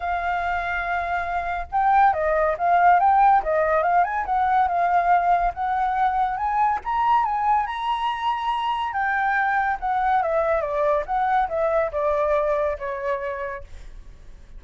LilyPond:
\new Staff \with { instrumentName = "flute" } { \time 4/4 \tempo 4 = 141 f''1 | g''4 dis''4 f''4 g''4 | dis''4 f''8 gis''8 fis''4 f''4~ | f''4 fis''2 gis''4 |
ais''4 gis''4 ais''2~ | ais''4 g''2 fis''4 | e''4 d''4 fis''4 e''4 | d''2 cis''2 | }